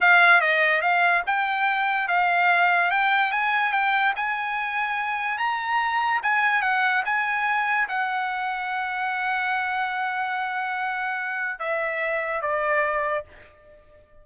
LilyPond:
\new Staff \with { instrumentName = "trumpet" } { \time 4/4 \tempo 4 = 145 f''4 dis''4 f''4 g''4~ | g''4 f''2 g''4 | gis''4 g''4 gis''2~ | gis''4 ais''2 gis''4 |
fis''4 gis''2 fis''4~ | fis''1~ | fis''1 | e''2 d''2 | }